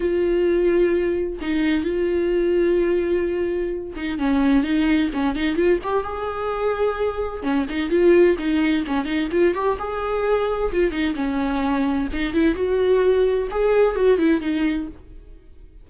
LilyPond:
\new Staff \with { instrumentName = "viola" } { \time 4/4 \tempo 4 = 129 f'2. dis'4 | f'1~ | f'8 dis'8 cis'4 dis'4 cis'8 dis'8 | f'8 g'8 gis'2. |
cis'8 dis'8 f'4 dis'4 cis'8 dis'8 | f'8 g'8 gis'2 f'8 dis'8 | cis'2 dis'8 e'8 fis'4~ | fis'4 gis'4 fis'8 e'8 dis'4 | }